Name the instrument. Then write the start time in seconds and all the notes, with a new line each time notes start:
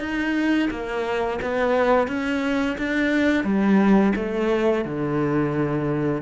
cello
0.00 D#4
0.71 A#3
1.42 B3
2.08 C#4
2.78 D4
3.44 G3
4.16 A3
4.85 D3